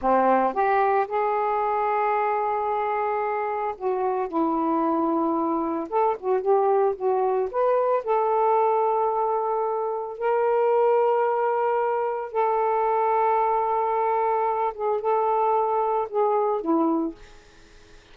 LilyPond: \new Staff \with { instrumentName = "saxophone" } { \time 4/4 \tempo 4 = 112 c'4 g'4 gis'2~ | gis'2. fis'4 | e'2. a'8 fis'8 | g'4 fis'4 b'4 a'4~ |
a'2. ais'4~ | ais'2. a'4~ | a'2.~ a'8 gis'8 | a'2 gis'4 e'4 | }